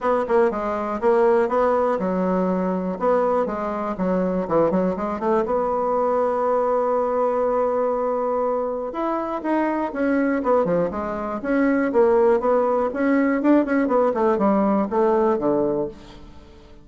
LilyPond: \new Staff \with { instrumentName = "bassoon" } { \time 4/4 \tempo 4 = 121 b8 ais8 gis4 ais4 b4 | fis2 b4 gis4 | fis4 e8 fis8 gis8 a8 b4~ | b1~ |
b2 e'4 dis'4 | cis'4 b8 f8 gis4 cis'4 | ais4 b4 cis'4 d'8 cis'8 | b8 a8 g4 a4 d4 | }